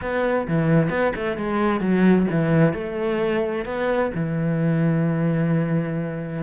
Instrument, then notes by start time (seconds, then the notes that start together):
cello
0.01 B3
0.47 E3
0.89 B3
1.15 A3
1.37 G#3
1.80 F#3
2.30 E3
2.73 A3
3.65 B3
4.15 E3